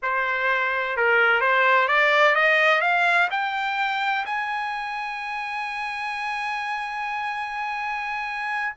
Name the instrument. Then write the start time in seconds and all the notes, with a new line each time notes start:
trumpet
0.02 C5
0.96 A#4
1.40 C5
1.87 D5
2.35 D#5
2.81 F5
3.30 G5
4.25 G#5